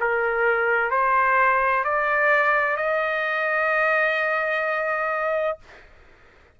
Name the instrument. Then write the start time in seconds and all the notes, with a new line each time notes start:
trumpet
0.00 A#4
0.90 C5
1.84 D5
2.77 D#5